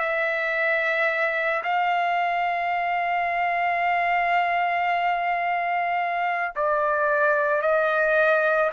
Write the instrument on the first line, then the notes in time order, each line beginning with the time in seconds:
trumpet
0.00 E5
1.64 F5
6.56 D5
7.62 D#5